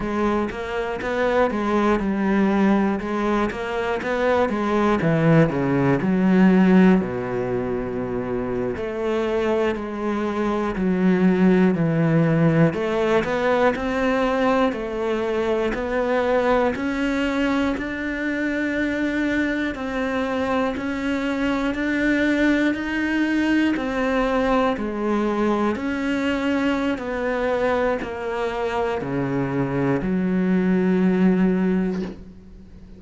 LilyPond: \new Staff \with { instrumentName = "cello" } { \time 4/4 \tempo 4 = 60 gis8 ais8 b8 gis8 g4 gis8 ais8 | b8 gis8 e8 cis8 fis4 b,4~ | b,8. a4 gis4 fis4 e16~ | e8. a8 b8 c'4 a4 b16~ |
b8. cis'4 d'2 c'16~ | c'8. cis'4 d'4 dis'4 c'16~ | c'8. gis4 cis'4~ cis'16 b4 | ais4 cis4 fis2 | }